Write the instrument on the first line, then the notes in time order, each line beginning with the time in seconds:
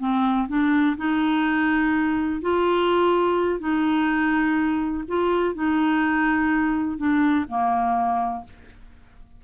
clarinet
0.00 C4
0.49 D4
0.97 D#4
2.42 F4
3.60 D#4
5.08 F4
5.55 D#4
6.98 D4
7.48 A#3